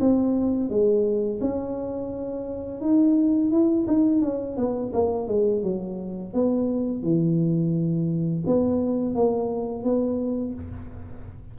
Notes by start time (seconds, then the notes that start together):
0.00 C4
0.69 G#3
1.40 C#4
2.80 D#4
3.51 E4
3.87 D#4
4.21 C#4
4.57 B3
4.93 A#3
5.27 G#3
5.63 F#3
6.33 B3
7.02 E3
8.46 B3
9.14 A#3
9.83 B3